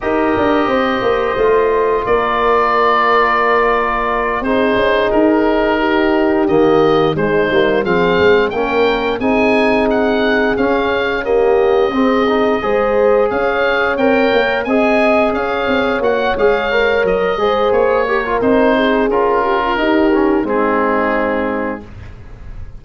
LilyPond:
<<
  \new Staff \with { instrumentName = "oboe" } { \time 4/4 \tempo 4 = 88 dis''2. d''4~ | d''2~ d''8 c''4 ais'8~ | ais'4. dis''4 c''4 f''8~ | f''8 g''4 gis''4 fis''4 f''8~ |
f''8 dis''2. f''8~ | f''8 g''4 gis''4 f''4 fis''8 | f''4 dis''4 cis''4 c''4 | ais'2 gis'2 | }
  \new Staff \with { instrumentName = "horn" } { \time 4/4 ais'4 c''2 ais'4~ | ais'2~ ais'8 gis'4.~ | gis'8 g'2 dis'4 gis'8~ | gis'8 ais'4 gis'2~ gis'8~ |
gis'8 g'4 gis'4 c''4 cis''8~ | cis''4. dis''4 cis''4.~ | cis''4. c''4 ais'4 gis'8~ | gis'8 g'16 f'16 g'4 dis'2 | }
  \new Staff \with { instrumentName = "trombone" } { \time 4/4 g'2 f'2~ | f'2~ f'8 dis'4.~ | dis'4. ais4 gis8 ais8 c'8~ | c'8 cis'4 dis'2 cis'8~ |
cis'8 ais4 c'8 dis'8 gis'4.~ | gis'8 ais'4 gis'2 fis'8 | gis'8 ais'4 gis'4 g'16 f'16 dis'4 | f'4 dis'8 cis'8 c'2 | }
  \new Staff \with { instrumentName = "tuba" } { \time 4/4 dis'8 d'8 c'8 ais8 a4 ais4~ | ais2~ ais8 c'8 cis'8 dis'8~ | dis'4. dis4 gis8 g8 f8 | gis8 ais4 c'2 cis'8~ |
cis'4. c'4 gis4 cis'8~ | cis'8 c'8 ais8 c'4 cis'8 c'8 ais8 | gis4 fis8 gis8 ais4 c'4 | cis'4 dis'4 gis2 | }
>>